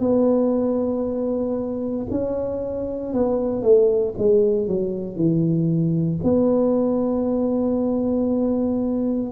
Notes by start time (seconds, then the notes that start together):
0.00 B3
2.11 C#4
3.13 B3
3.63 A3
4.18 G#3
4.67 F#3
5.16 E3
6.24 B3